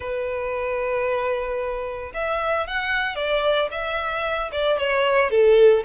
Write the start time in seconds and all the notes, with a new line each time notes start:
0.00 B4
2.14 E5
2.67 F#5
3.15 D5
3.71 E5
4.52 D5
4.78 C#5
5.30 A4